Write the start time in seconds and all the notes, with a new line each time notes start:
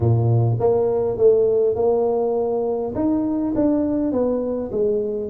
0.00 A#2
0.59 A#3
1.17 A3
1.75 A#3
2.95 D#4
3.55 D4
4.12 B3
4.71 G#3